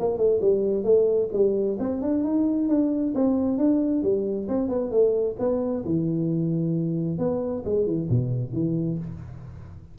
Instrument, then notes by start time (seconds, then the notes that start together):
tuba
0.00 A#3
0.18 A3
0.41 G3
0.84 A3
1.33 G3
1.80 C4
2.02 D4
2.24 D#4
2.69 D4
3.15 C4
3.58 D4
4.03 G3
4.48 C4
4.69 B3
4.91 A3
5.40 B3
5.85 E3
7.19 B3
7.65 G#3
7.87 E3
8.10 B2
8.53 E3